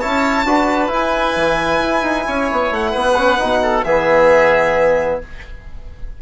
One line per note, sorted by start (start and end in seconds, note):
0.00 0.44 C#4
0.00 0.46 E4
0.00 0.46 C#5
0.00 0.90 A5
0.44 0.89 D4
0.44 0.87 F#4
0.44 2.26 B4
0.87 3.13 E4
0.87 2.72 G#5
0.93 1.36 E4
1.36 1.79 E3
1.79 2.01 E4
2.02 2.24 D#4
2.26 2.50 C#4
2.26 2.91 C#5
2.51 2.71 B3
2.71 2.93 A3
2.71 3.84 F#5
2.91 3.40 B3
2.91 3.58 B4
3.16 3.38 C#4
3.38 3.84 B2
3.38 3.83 D#4
3.62 3.85 A4
3.84 5.20 E3
3.84 5.21 B3
3.84 5.20 G#4
3.84 5.19 E5